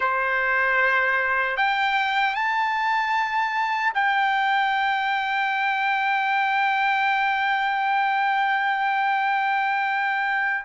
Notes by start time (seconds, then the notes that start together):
0.00 C5
1.56 G5
2.34 A5
3.94 G5